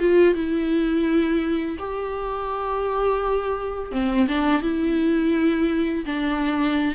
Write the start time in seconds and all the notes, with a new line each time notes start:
0.00 F4
0.34 E4
1.79 G4
3.91 C4
4.28 D4
4.62 E4
6.06 D4